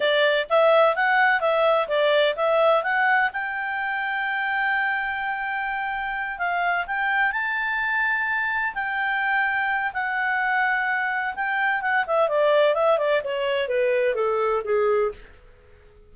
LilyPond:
\new Staff \with { instrumentName = "clarinet" } { \time 4/4 \tempo 4 = 127 d''4 e''4 fis''4 e''4 | d''4 e''4 fis''4 g''4~ | g''1~ | g''4. f''4 g''4 a''8~ |
a''2~ a''8 g''4.~ | g''4 fis''2. | g''4 fis''8 e''8 d''4 e''8 d''8 | cis''4 b'4 a'4 gis'4 | }